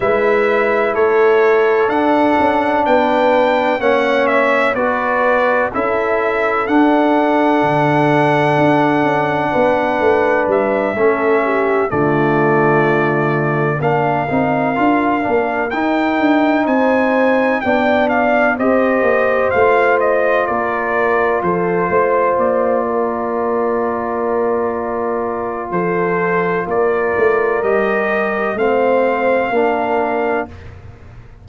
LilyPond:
<<
  \new Staff \with { instrumentName = "trumpet" } { \time 4/4 \tempo 4 = 63 e''4 cis''4 fis''4 g''4 | fis''8 e''8 d''4 e''4 fis''4~ | fis''2. e''4~ | e''8 d''2 f''4.~ |
f''8 g''4 gis''4 g''8 f''8 dis''8~ | dis''8 f''8 dis''8 d''4 c''4 d''8~ | d''2. c''4 | d''4 dis''4 f''2 | }
  \new Staff \with { instrumentName = "horn" } { \time 4/4 b'4 a'2 b'4 | cis''4 b'4 a'2~ | a'2 b'4. a'8 | g'8 f'2 ais'4.~ |
ais'4. c''4 d''4 c''8~ | c''4. ais'4 a'8 c''4 | ais'2. a'4 | ais'2 c''4 ais'4 | }
  \new Staff \with { instrumentName = "trombone" } { \time 4/4 e'2 d'2 | cis'4 fis'4 e'4 d'4~ | d'2.~ d'8 cis'8~ | cis'8 a2 d'8 dis'8 f'8 |
d'8 dis'2 d'4 g'8~ | g'8 f'2.~ f'8~ | f'1~ | f'4 g'4 c'4 d'4 | }
  \new Staff \with { instrumentName = "tuba" } { \time 4/4 gis4 a4 d'8 cis'8 b4 | ais4 b4 cis'4 d'4 | d4 d'8 cis'8 b8 a8 g8 a8~ | a8 d2 ais8 c'8 d'8 |
ais8 dis'8 d'8 c'4 b4 c'8 | ais8 a4 ais4 f8 a8 ais8~ | ais2. f4 | ais8 a8 g4 a4 ais4 | }
>>